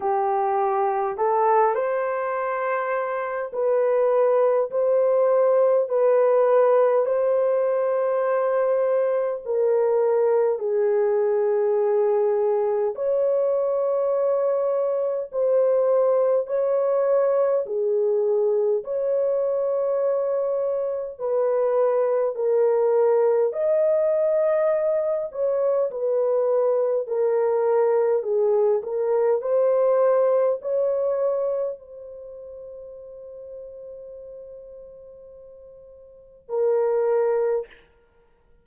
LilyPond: \new Staff \with { instrumentName = "horn" } { \time 4/4 \tempo 4 = 51 g'4 a'8 c''4. b'4 | c''4 b'4 c''2 | ais'4 gis'2 cis''4~ | cis''4 c''4 cis''4 gis'4 |
cis''2 b'4 ais'4 | dis''4. cis''8 b'4 ais'4 | gis'8 ais'8 c''4 cis''4 c''4~ | c''2. ais'4 | }